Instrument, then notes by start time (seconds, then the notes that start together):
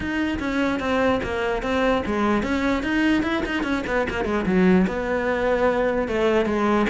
cello
0.00 D#4
0.39 C#4
0.79 C4
1.23 A#3
1.62 C4
2.06 G#3
2.43 C#4
2.83 D#4
3.22 E4
3.45 D#4
3.63 C#4
3.87 B3
4.09 A#3
4.25 G#3
4.45 F#3
4.87 B3
6.08 A3
6.45 G#3